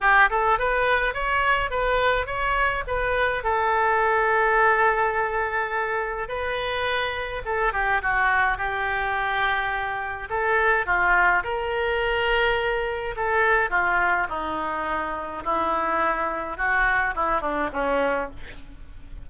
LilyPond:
\new Staff \with { instrumentName = "oboe" } { \time 4/4 \tempo 4 = 105 g'8 a'8 b'4 cis''4 b'4 | cis''4 b'4 a'2~ | a'2. b'4~ | b'4 a'8 g'8 fis'4 g'4~ |
g'2 a'4 f'4 | ais'2. a'4 | f'4 dis'2 e'4~ | e'4 fis'4 e'8 d'8 cis'4 | }